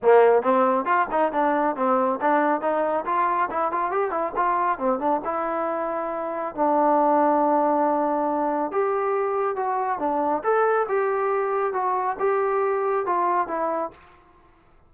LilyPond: \new Staff \with { instrumentName = "trombone" } { \time 4/4 \tempo 4 = 138 ais4 c'4 f'8 dis'8 d'4 | c'4 d'4 dis'4 f'4 | e'8 f'8 g'8 e'8 f'4 c'8 d'8 | e'2. d'4~ |
d'1 | g'2 fis'4 d'4 | a'4 g'2 fis'4 | g'2 f'4 e'4 | }